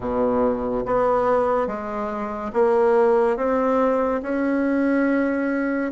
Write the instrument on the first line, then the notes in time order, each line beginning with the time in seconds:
bassoon
0.00 B2
0.85 B3
1.67 G#3
2.53 A#3
3.36 C4
4.22 C#4